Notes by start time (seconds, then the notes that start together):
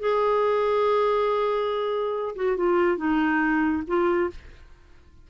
0.00 G#4
2.36 F#4
2.57 F4
2.98 D#4
3.87 F4